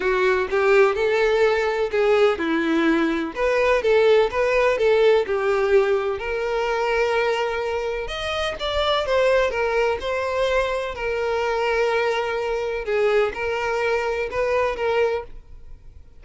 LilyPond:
\new Staff \with { instrumentName = "violin" } { \time 4/4 \tempo 4 = 126 fis'4 g'4 a'2 | gis'4 e'2 b'4 | a'4 b'4 a'4 g'4~ | g'4 ais'2.~ |
ais'4 dis''4 d''4 c''4 | ais'4 c''2 ais'4~ | ais'2. gis'4 | ais'2 b'4 ais'4 | }